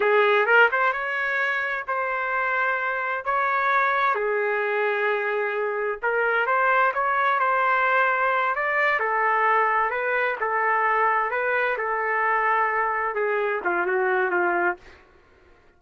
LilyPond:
\new Staff \with { instrumentName = "trumpet" } { \time 4/4 \tempo 4 = 130 gis'4 ais'8 c''8 cis''2 | c''2. cis''4~ | cis''4 gis'2.~ | gis'4 ais'4 c''4 cis''4 |
c''2~ c''8 d''4 a'8~ | a'4. b'4 a'4.~ | a'8 b'4 a'2~ a'8~ | a'8 gis'4 f'8 fis'4 f'4 | }